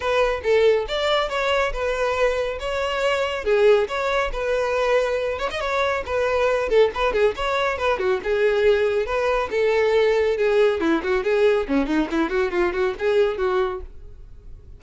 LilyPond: \new Staff \with { instrumentName = "violin" } { \time 4/4 \tempo 4 = 139 b'4 a'4 d''4 cis''4 | b'2 cis''2 | gis'4 cis''4 b'2~ | b'8 cis''16 dis''16 cis''4 b'4. a'8 |
b'8 gis'8 cis''4 b'8 fis'8 gis'4~ | gis'4 b'4 a'2 | gis'4 e'8 fis'8 gis'4 cis'8 dis'8 | e'8 fis'8 f'8 fis'8 gis'4 fis'4 | }